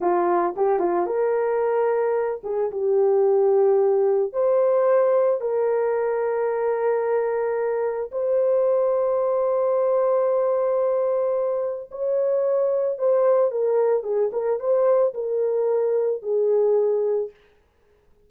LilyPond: \new Staff \with { instrumentName = "horn" } { \time 4/4 \tempo 4 = 111 f'4 g'8 f'8 ais'2~ | ais'8 gis'8 g'2. | c''2 ais'2~ | ais'2. c''4~ |
c''1~ | c''2 cis''2 | c''4 ais'4 gis'8 ais'8 c''4 | ais'2 gis'2 | }